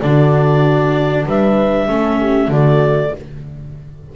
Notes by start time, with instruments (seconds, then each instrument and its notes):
0.00 double bass D3, viola D4, horn F#4, clarinet D5
1.26 double bass G3, horn B4, clarinet E5
1.88 double bass A3, viola C#4, horn A4
2.20 horn G4
2.48 double bass D3, viola A3, horn F#4, clarinet D5